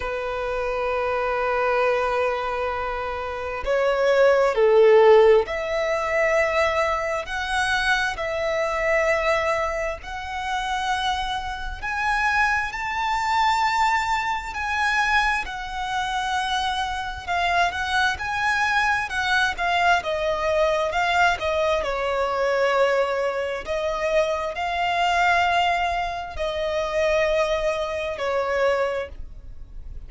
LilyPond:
\new Staff \with { instrumentName = "violin" } { \time 4/4 \tempo 4 = 66 b'1 | cis''4 a'4 e''2 | fis''4 e''2 fis''4~ | fis''4 gis''4 a''2 |
gis''4 fis''2 f''8 fis''8 | gis''4 fis''8 f''8 dis''4 f''8 dis''8 | cis''2 dis''4 f''4~ | f''4 dis''2 cis''4 | }